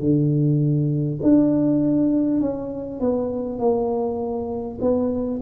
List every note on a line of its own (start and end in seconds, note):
0.00 1.20 D3
1.23 2.41 D4
2.41 3.01 C#4
3.01 3.59 B3
3.59 4.79 A#3
4.81 5.41 B3